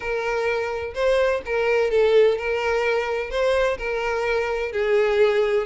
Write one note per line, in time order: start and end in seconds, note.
0.00 0.94 A#4
0.94 1.41 C5
1.45 1.90 A#4
1.90 2.38 A4
2.38 3.30 A#4
3.30 3.77 C5
3.78 4.72 A#4
4.72 5.66 G#4